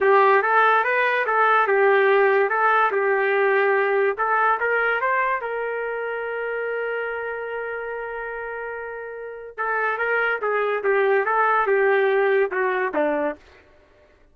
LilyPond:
\new Staff \with { instrumentName = "trumpet" } { \time 4/4 \tempo 4 = 144 g'4 a'4 b'4 a'4 | g'2 a'4 g'4~ | g'2 a'4 ais'4 | c''4 ais'2.~ |
ais'1~ | ais'2. a'4 | ais'4 gis'4 g'4 a'4 | g'2 fis'4 d'4 | }